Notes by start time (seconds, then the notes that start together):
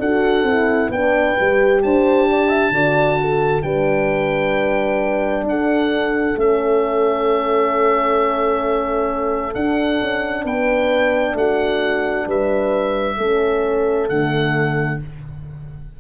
0.00 D4 F#4 A4 F#5
0.43 C4 E4
0.89 B3 D4 B4 G5
1.38 G3 G4
1.83 D4 C5 A5
2.30 D5
2.49 E5
2.71 D3 F#4 D5
3.21 A4
3.63 G3 D4 B4 G5
5.44 D4 A4 F#5
6.35 A3 C#4 E5
9.55 D4 F#5
10.01 C#4
10.45 B3 B4 G5
11.35 A3 F#4 F#5
12.27 G3 B4 E5
13.17 A3 C#4 A4
14.09 D3 A3 F#5